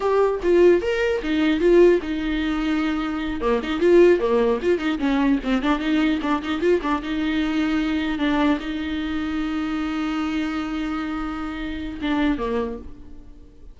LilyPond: \new Staff \with { instrumentName = "viola" } { \time 4/4 \tempo 4 = 150 g'4 f'4 ais'4 dis'4 | f'4 dis'2.~ | dis'8 ais8 dis'8 f'4 ais4 f'8 | dis'8 cis'4 c'8 d'8 dis'4 d'8 |
dis'8 f'8 d'8 dis'2~ dis'8~ | dis'8 d'4 dis'2~ dis'8~ | dis'1~ | dis'2 d'4 ais4 | }